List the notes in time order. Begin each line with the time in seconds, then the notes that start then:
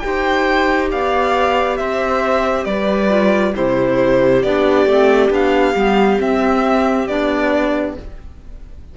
0.00 D#4 G4 G5
0.06 C5
0.90 B3 D5 F5
1.77 C4 C5 E5
2.65 G3 B4 D5
3.10 F4
3.54 C3 E4 G4 C5
4.42 B3 D4 D5
4.86 A3 C4
5.29 B3 D4 F5
5.75 G3 B3
6.18 C4 E5
7.08 B3 D4 D5